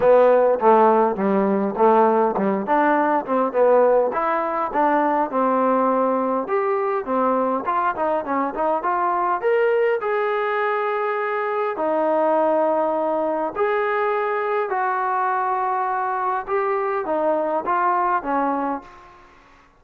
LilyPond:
\new Staff \with { instrumentName = "trombone" } { \time 4/4 \tempo 4 = 102 b4 a4 g4 a4 | g8 d'4 c'8 b4 e'4 | d'4 c'2 g'4 | c'4 f'8 dis'8 cis'8 dis'8 f'4 |
ais'4 gis'2. | dis'2. gis'4~ | gis'4 fis'2. | g'4 dis'4 f'4 cis'4 | }